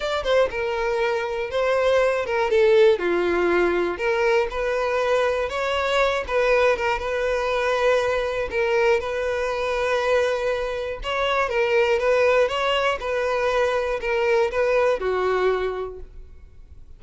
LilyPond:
\new Staff \with { instrumentName = "violin" } { \time 4/4 \tempo 4 = 120 d''8 c''8 ais'2 c''4~ | c''8 ais'8 a'4 f'2 | ais'4 b'2 cis''4~ | cis''8 b'4 ais'8 b'2~ |
b'4 ais'4 b'2~ | b'2 cis''4 ais'4 | b'4 cis''4 b'2 | ais'4 b'4 fis'2 | }